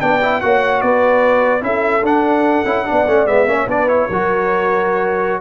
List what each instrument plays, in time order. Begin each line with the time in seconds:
0.00 tuba B3, trombone D4, horn D5, trumpet G5
0.22 trombone E4
0.41 tuba A#3, trombone F#4, horn C#5, trumpet F#5
0.81 tuba B3, horn B4, trumpet D5
1.61 tuba C#4, trombone E4, horn A4, trumpet E5
2.02 tuba D4, trombone D4, trumpet F#5
2.65 tuba C#4, trombone E4
2.85 trombone D4, horn D5
2.91 tuba B3
3.07 tuba A3, trombone C#4
3.26 tuba G#3, trombone B3, trumpet E5
3.46 tuba A#3, trombone C#4, horn C#5
3.67 tuba B3, trombone D4, horn B4, trumpet D5
3.88 trombone E4, trumpet C#5
4.08 tuba F#3, trombone F#4, horn A#4